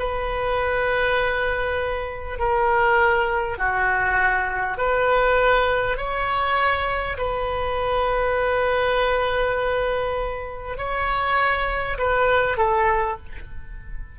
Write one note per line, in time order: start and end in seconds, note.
0.00 2.39 B4
2.39 3.58 A#4
3.58 4.78 F#4
4.78 5.98 B4
5.98 7.18 C#5
7.18 10.78 B4
10.78 11.98 C#5
11.99 12.58 B4
12.58 13.18 A4